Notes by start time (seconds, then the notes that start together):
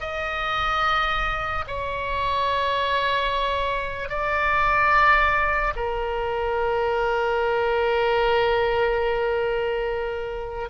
0.00 D#5
1.67 C#5
4.09 D5
5.76 A#4